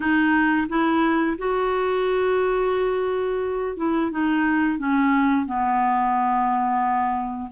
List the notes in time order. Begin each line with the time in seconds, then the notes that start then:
0.00 D#4
0.68 E4
1.38 F#4
3.77 E4
4.11 D#4
4.78 C#4
5.45 B3